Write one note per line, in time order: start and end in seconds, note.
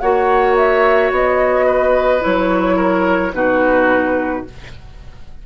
0.00 1.11 A#3
0.00 2.21 F#4
0.00 1.66 C#5
0.00 0.56 F#5
0.56 1.12 E5
1.11 2.22 B3
1.11 2.24 D#5
1.66 2.76 B4
2.21 3.33 F#3
2.21 3.32 E4
2.21 3.34 C#5
2.76 3.32 A#4
3.33 4.44 B2
3.33 4.45 D#4
3.33 4.46 F#4
3.33 4.46 B4